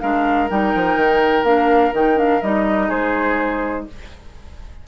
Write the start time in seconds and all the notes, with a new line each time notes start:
0.00 G#3 D4 A#4 F5
0.49 G3 D#4 G5
0.75 F3
0.96 D#3
1.43 A#3 D4 F5
1.93 D#3 D#4 G5
2.16 D4 F5
2.42 G3 D#4 D#5
2.88 G#3 G#4 C5